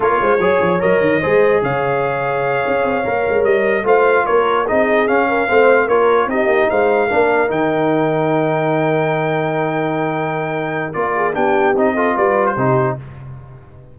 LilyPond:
<<
  \new Staff \with { instrumentName = "trumpet" } { \time 4/4 \tempo 4 = 148 cis''2 dis''2 | f''1~ | f''8 dis''4 f''4 cis''4 dis''8~ | dis''8 f''2 cis''4 dis''8~ |
dis''8 f''2 g''4.~ | g''1~ | g''2. d''4 | g''4 dis''4 d''8. c''4~ c''16 | }
  \new Staff \with { instrumentName = "horn" } { \time 4/4 ais'8 c''8 cis''2 c''4 | cis''1~ | cis''4. c''4 ais'4 gis'8~ | gis'4 ais'8 c''4 ais'4 g'8~ |
g'8 c''4 ais'2~ ais'8~ | ais'1~ | ais'2.~ ais'8 gis'8 | g'4. a'8 b'4 g'4 | }
  \new Staff \with { instrumentName = "trombone" } { \time 4/4 f'4 gis'4 ais'4 gis'4~ | gis'2.~ gis'8 ais'8~ | ais'4. f'2 dis'8~ | dis'8 cis'4 c'4 f'4 dis'8~ |
dis'4. d'4 dis'4.~ | dis'1~ | dis'2. f'4 | d'4 dis'8 f'4. dis'4 | }
  \new Staff \with { instrumentName = "tuba" } { \time 4/4 ais8 gis8 fis8 f8 fis8 dis8 gis4 | cis2~ cis8 cis'8 c'8 ais8 | gis8 g4 a4 ais4 c'8~ | c'8 cis'4 a4 ais4 c'8 |
ais8 gis4 ais4 dis4.~ | dis1~ | dis2. ais4 | b4 c'4 g4 c4 | }
>>